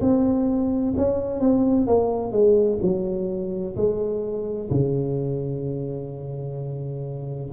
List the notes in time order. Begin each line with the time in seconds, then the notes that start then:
0.00 C4
0.97 C#4
1.40 C4
1.87 A#3
2.32 G#3
2.82 F#3
3.75 G#3
4.70 C#3